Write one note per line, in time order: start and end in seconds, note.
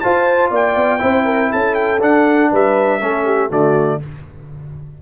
0.00 0.99 F4
0.00 0.51 F4
0.00 0.52 C5
0.00 0.50 A5
0.51 0.76 A#3
0.51 1.02 D5
0.51 1.52 G5
0.76 1.01 B3
0.99 1.52 C4
0.99 1.99 E4
0.99 1.26 C5
1.26 1.51 A#4
1.51 2.02 C#4
1.51 2.51 A4
1.51 1.75 A5
1.75 2.00 G5
2.00 3.00 D4
2.00 2.52 D4
2.00 2.52 F#5
2.51 3.01 G3
2.51 3.00 B4
2.51 3.52 E5
3.00 3.51 A3
3.00 3.50 C#4
3.00 3.25 A4
3.25 3.50 G4
3.50 4.01 D3
3.50 4.00 A3
3.50 4.00 F#4
3.50 4.02 D5